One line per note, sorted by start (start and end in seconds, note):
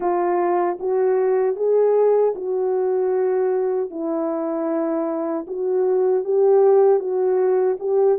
0.00 0.78 F4
0.79 1.55 F#4
1.55 2.33 G#4
2.35 3.90 F#4
3.90 5.46 E4
5.47 6.24 F#4
6.24 6.99 G4
6.99 7.77 F#4
7.79 8.18 G4